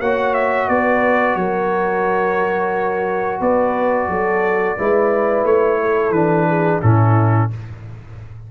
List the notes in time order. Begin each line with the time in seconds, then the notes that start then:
0.00 A#3 F#4 C#5 F#5
0.34 E5
0.69 B3 B4 D5
1.35 F#3 A#4 C#5
3.40 B3 B4 D5
4.09 F#3 A4
4.77 G#3 E4 B4
5.44 A3 C#5
5.81 A4
6.10 E3 D4 B4
6.48 G#4
6.82 A2 C#4 E4 A4